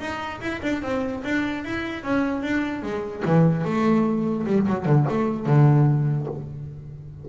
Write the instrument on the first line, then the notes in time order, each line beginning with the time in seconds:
double bass
0.00 D#4
0.41 E4
0.62 D4
0.82 C4
1.24 D4
1.65 E4
2.03 C#4
2.43 D4
2.82 G#3
3.25 E3
3.64 A3
4.46 G3
4.67 F#3
4.85 D3
5.09 A3
5.46 D3